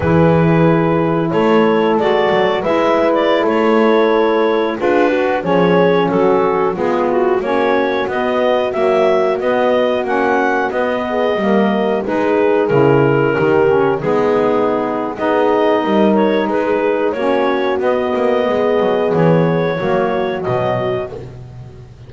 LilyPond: <<
  \new Staff \with { instrumentName = "clarinet" } { \time 4/4 \tempo 4 = 91 b'2 cis''4 d''4 | e''8. d''8 cis''2 b'8.~ | b'16 cis''4 a'4 gis'8 fis'8 cis''8.~ | cis''16 dis''4 e''4 dis''4 fis''8.~ |
fis''16 dis''2 b'4 ais'8.~ | ais'4~ ais'16 gis'4.~ gis'16 dis''4~ | dis''8 cis''8 b'4 cis''4 dis''4~ | dis''4 cis''2 dis''4 | }
  \new Staff \with { instrumentName = "horn" } { \time 4/4 gis'2 a'2 | b'4~ b'16 a'2 gis'8 fis'16~ | fis'16 gis'4 fis'4 f'4 fis'8.~ | fis'1~ |
fis'8. gis'8 ais'4 gis'4.~ gis'16~ | gis'16 g'4 dis'4.~ dis'16 gis'4 | ais'4 gis'4 fis'2 | gis'2 fis'2 | }
  \new Staff \with { instrumentName = "saxophone" } { \time 4/4 e'2. fis'4 | e'2.~ e'16 f'8 fis'16~ | fis'16 cis'2 b4 cis'8.~ | cis'16 b4 fis4 b4 cis'8.~ |
cis'16 b4 ais4 dis'4 e'8.~ | e'16 dis'8 cis'8 b4.~ b16 dis'4~ | dis'2 cis'4 b4~ | b2 ais4 fis4 | }
  \new Staff \with { instrumentName = "double bass" } { \time 4/4 e2 a4 gis8 fis8 | gis4~ gis16 a2 d'8.~ | d'16 f4 fis4 gis4 ais8.~ | ais16 b4 ais4 b4 ais8.~ |
ais16 b4 g4 gis4 cis8.~ | cis16 dis4 gis4.~ gis16 b4 | g4 gis4 ais4 b8 ais8 | gis8 fis8 e4 fis4 b,4 | }
>>